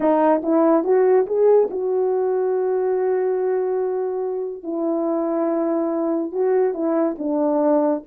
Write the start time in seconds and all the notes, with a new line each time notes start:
0.00 D#4
0.42 E4
0.84 F#4
1.26 G#4
1.70 F#4
4.63 E4
6.31 F#4
6.73 E4
7.18 D4